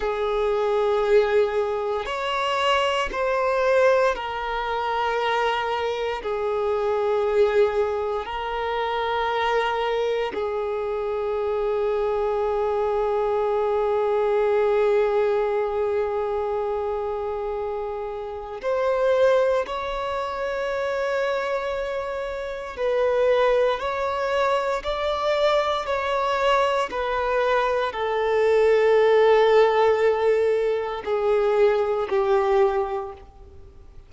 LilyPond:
\new Staff \with { instrumentName = "violin" } { \time 4/4 \tempo 4 = 58 gis'2 cis''4 c''4 | ais'2 gis'2 | ais'2 gis'2~ | gis'1~ |
gis'2 c''4 cis''4~ | cis''2 b'4 cis''4 | d''4 cis''4 b'4 a'4~ | a'2 gis'4 g'4 | }